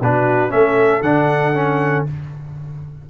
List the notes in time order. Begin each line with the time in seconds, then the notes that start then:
0.00 B2 D4 F#4 B4
0.49 A3 C#4 A4 E5
1.01 D3 D4 F#5
1.54 C#4